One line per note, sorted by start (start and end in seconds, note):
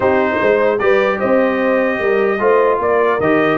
0.00 0.37 C4
0.00 0.79 D#4
0.00 0.36 G4
0.00 0.79 C5
0.39 0.81 G#3
0.39 0.79 C5
0.79 1.21 G3
0.79 2.39 G4
0.79 1.18 B4
0.79 1.19 D5
1.18 2.00 C4
1.18 1.98 C5
1.18 2.79 D#5
1.99 2.40 G3
1.99 2.39 A#4
2.39 2.79 A3
2.39 3.19 F4
2.39 2.81 C5
2.79 3.19 A#3
2.79 3.58 A#4
2.79 3.20 D5
3.20 3.58 D#3
3.20 3.58 G4
3.20 3.58 D#5